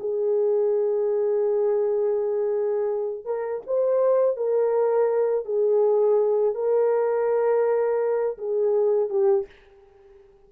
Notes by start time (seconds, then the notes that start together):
0.00 G#4
3.26 A#4
3.67 C5
4.37 A#4
5.45 G#4
6.55 A#4
8.38 G#4
9.10 G4